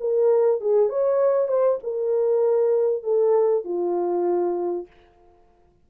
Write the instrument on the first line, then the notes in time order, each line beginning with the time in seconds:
horn
0.00 A#4
0.61 G#4
0.89 C#5
1.48 C5
1.83 A#4
3.03 A4
3.64 F4